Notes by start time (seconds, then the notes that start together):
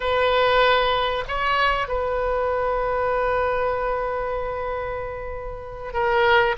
0.00 B4
1.28 C#5
1.88 B4
5.93 A#4